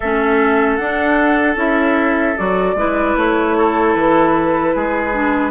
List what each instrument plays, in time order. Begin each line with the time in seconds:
0.00 bassoon A3, clarinet C#4, oboe A4, flute E5
0.75 bassoon D4, clarinet D4, flute F#5
1.56 bassoon C#4, clarinet E4, flute E5
2.37 bassoon F#3, clarinet F#4, flute D5
2.74 bassoon G#3, clarinet E4, oboe B4
3.16 bassoon A3, flute C#5
3.57 oboe A4
3.93 bassoon E3, flute B4
4.75 bassoon G#3, oboe G#4
5.13 clarinet D4